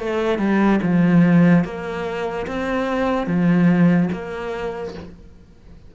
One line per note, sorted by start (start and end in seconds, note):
0.00 0.39 A3
0.39 0.80 G3
0.83 1.64 F3
1.64 2.47 A#3
2.47 3.27 C4
3.27 4.09 F3
4.12 4.95 A#3